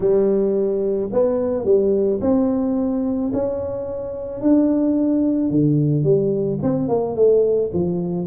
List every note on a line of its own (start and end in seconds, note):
0.00 1.10 G3
1.12 1.65 B3
1.65 2.20 G3
2.21 3.31 C4
3.33 4.40 C#4
4.40 5.49 D4
5.49 6.03 D3
6.03 6.58 G3
6.62 6.88 C4
6.88 7.15 A#3
7.15 7.70 A3
7.73 8.26 F3